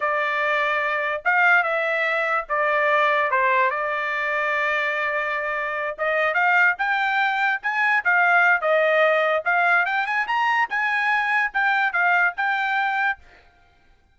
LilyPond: \new Staff \with { instrumentName = "trumpet" } { \time 4/4 \tempo 4 = 146 d''2. f''4 | e''2 d''2 | c''4 d''2.~ | d''2~ d''8 dis''4 f''8~ |
f''8 g''2 gis''4 f''8~ | f''4 dis''2 f''4 | g''8 gis''8 ais''4 gis''2 | g''4 f''4 g''2 | }